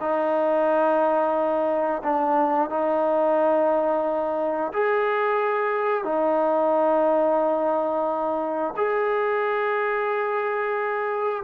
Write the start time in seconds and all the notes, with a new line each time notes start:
0.00 D#4
2.03 D4
2.70 D#4
4.73 G#4
6.05 D#4
8.77 G#4